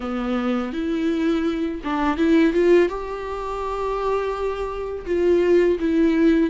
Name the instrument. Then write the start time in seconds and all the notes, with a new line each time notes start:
viola
0.00 B3
0.72 E4
1.84 D4
2.17 E4
2.53 F4
2.88 G4
5.06 F4
5.79 E4